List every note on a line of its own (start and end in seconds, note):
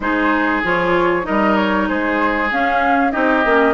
0.00 0.62 G#3
0.00 0.63 D#4
0.00 1.26 G#4
0.00 0.63 C5
0.63 1.26 F3
0.63 1.23 F4
0.63 1.26 C#5
1.23 1.89 G3
1.23 2.48 D#4
1.23 1.88 A#4
1.23 1.56 D#5
1.56 1.87 C#5
1.88 2.51 G#3
1.88 3.12 G#4
1.88 2.50 C5
2.51 3.13 C#4
2.51 3.12 C#4
2.51 3.11 F5
3.11 3.45 C4
3.11 3.43 D#4
3.11 3.74 G4
3.11 3.74 D#5
3.45 3.74 A#3
3.45 3.74 C#4